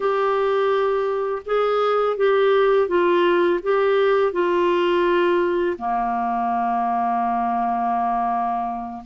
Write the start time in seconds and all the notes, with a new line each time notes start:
0.00 G4
1.45 G#4
2.17 G4
2.88 F4
3.62 G4
4.32 F4
5.78 A#3